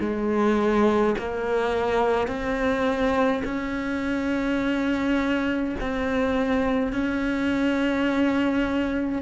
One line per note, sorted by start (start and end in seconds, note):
0.00 1.15 G#3
1.18 2.28 A#3
2.28 3.42 C4
3.45 5.75 C#4
5.80 6.92 C4
6.92 9.22 C#4